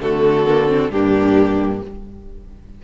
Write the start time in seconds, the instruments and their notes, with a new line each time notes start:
0.00 cello D3, viola A3, violin F#4 A4
0.47 viola A#3
0.67 viola C4
0.90 cello G2, viola A#3, violin D4 G4